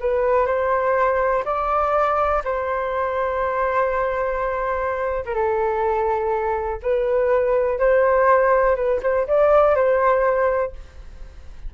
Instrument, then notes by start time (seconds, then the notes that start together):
flute
0.00 B4
0.46 C5
1.45 D5
2.44 C5
5.25 A#4
5.34 A4
6.83 B4
7.79 C5
8.76 B4
9.02 C5
9.27 D5
9.75 C5